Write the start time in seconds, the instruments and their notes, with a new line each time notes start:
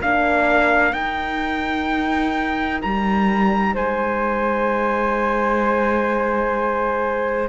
0.00 cello A#3, horn D4, flute A#4, trumpet F5
0.93 cello D#4, horn D#4, trumpet G5
2.82 cello G3, trumpet A#5
3.75 cello G#3, flute C5, trumpet G#5